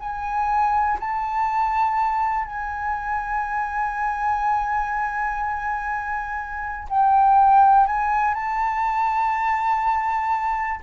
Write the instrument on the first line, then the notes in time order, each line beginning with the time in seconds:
flute
0.00 G#5
1.00 A5
2.45 G#5
6.89 G5
7.87 G#5
8.34 A5